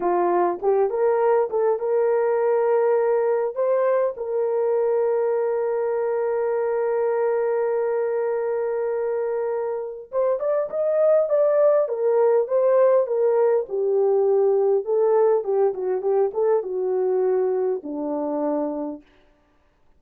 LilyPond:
\new Staff \with { instrumentName = "horn" } { \time 4/4 \tempo 4 = 101 f'4 g'8 ais'4 a'8 ais'4~ | ais'2 c''4 ais'4~ | ais'1~ | ais'1~ |
ais'4 c''8 d''8 dis''4 d''4 | ais'4 c''4 ais'4 g'4~ | g'4 a'4 g'8 fis'8 g'8 a'8 | fis'2 d'2 | }